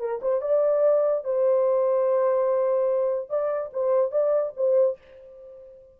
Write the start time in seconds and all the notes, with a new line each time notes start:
0.00 A#4
0.22 C5
0.41 D5
1.25 C5
3.29 D5
3.73 C5
4.12 D5
4.57 C5